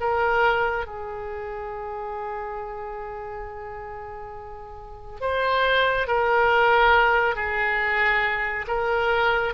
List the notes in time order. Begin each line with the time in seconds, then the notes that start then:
0.00 A#4
0.86 G#4
5.20 C5
6.07 A#4
7.35 G#4
8.67 A#4